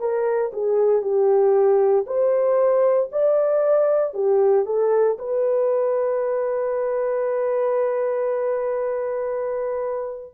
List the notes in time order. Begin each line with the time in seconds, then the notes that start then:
0.00 A#4
0.53 G#4
1.02 G4
2.07 C5
3.12 D5
4.14 G4
4.66 A4
5.19 B4